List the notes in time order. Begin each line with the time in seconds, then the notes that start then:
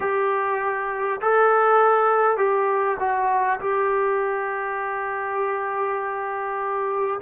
0.00 G4
1.21 A4
2.37 G4
2.99 F#4
3.59 G4